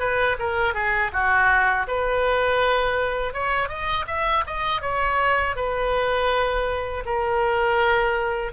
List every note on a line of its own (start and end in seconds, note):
0.00 0.37 B4
0.39 0.75 A#4
0.75 1.12 G#4
1.13 1.87 F#4
1.88 3.34 B4
3.34 3.69 C#5
3.69 4.06 D#5
4.07 4.44 E5
4.47 4.82 D#5
4.82 5.56 C#5
5.56 7.04 B4
7.06 8.53 A#4